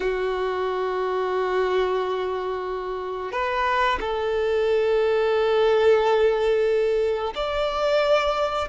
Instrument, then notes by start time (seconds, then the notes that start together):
violin
0.00 F#4
3.32 B4
4.00 A4
7.35 D5